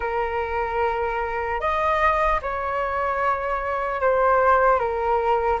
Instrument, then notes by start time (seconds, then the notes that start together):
flute
0.00 A#4
1.60 D#5
2.42 C#5
4.00 C5
4.79 A#4